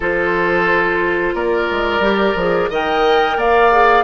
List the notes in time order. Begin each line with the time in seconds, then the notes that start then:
0.00 F3 F4 A4 C5
1.33 A#3 A#4 D5
1.70 G#3
1.99 G3 G4
2.35 F3 G#4
2.69 D#3 A#4 D#5 G5
3.36 A#3 D5 F5
3.71 G#4